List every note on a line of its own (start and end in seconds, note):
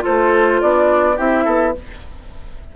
0.00 1.14 F4
0.00 0.61 A4
0.00 0.61 C5
0.08 0.62 A3
0.61 1.18 B3
0.61 1.16 D4
0.61 1.18 D5
1.16 1.46 C4
1.16 1.74 E4
1.16 1.44 G4
1.16 1.75 E5
1.44 1.74 B3
1.44 1.73 A4